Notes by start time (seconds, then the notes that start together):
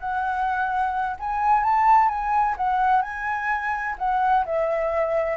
0.00 F#5
1.20 G#5
1.64 A5
2.09 G#5
2.57 F#5
3.02 G#5
3.99 F#5
4.46 E5